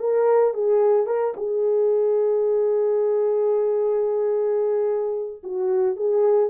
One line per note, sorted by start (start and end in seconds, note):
0.00 0.54 A#4
0.54 1.07 G#4
1.07 1.34 A#4
1.37 5.42 G#4
5.43 5.96 F#4
5.96 6.50 G#4